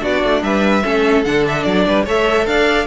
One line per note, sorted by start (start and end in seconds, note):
0.00 0.23 B3
0.00 0.82 D4
0.00 0.42 F#4
0.00 0.43 D5
0.23 0.42 A3
0.42 0.83 G3
0.42 0.83 B4
0.42 1.24 E5
0.83 1.25 A3
0.83 1.24 C#4
0.83 1.85 A4
1.24 1.65 D3
1.24 2.07 D4
1.24 1.44 F#5
1.47 1.63 E5
1.63 1.86 F#3
1.63 2.04 D5
1.86 2.06 G3
1.86 2.04 B4
2.04 2.46 A3
2.04 2.87 A4
2.04 2.45 C#5
2.04 2.46 E5
2.46 2.87 D4
2.46 2.87 D5
2.46 2.87 F5